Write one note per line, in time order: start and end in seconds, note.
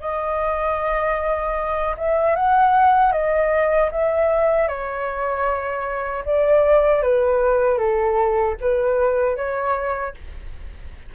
0.00 1.95 D#5
1.97 2.36 E5
2.36 3.12 F#5
3.12 3.90 D#5
3.91 4.68 E5
4.68 6.24 C#5
6.25 7.02 D5
7.02 7.78 B4
7.78 8.56 A4
8.61 9.36 B4
9.36 10.14 C#5